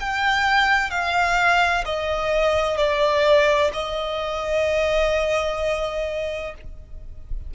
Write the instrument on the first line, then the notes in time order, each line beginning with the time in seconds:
violin
0.00 G5
0.90 F5
1.85 D#5
2.77 D5
3.73 D#5